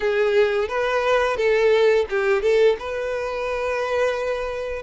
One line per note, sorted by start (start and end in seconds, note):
0.00 0.68 G#4
0.68 1.36 B4
1.36 2.05 A4
2.09 2.42 G4
2.42 2.76 A4
2.79 4.82 B4